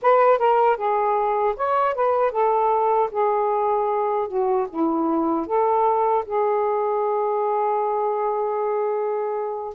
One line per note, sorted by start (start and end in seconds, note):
0.02 0.38 B4
0.38 0.77 A#4
0.77 1.54 G#4
1.56 1.94 C#5
1.94 2.31 B4
2.31 3.09 A4
3.11 4.28 G#4
4.28 4.67 F#4
4.69 5.46 E4
5.46 6.24 A4
6.25 9.74 G#4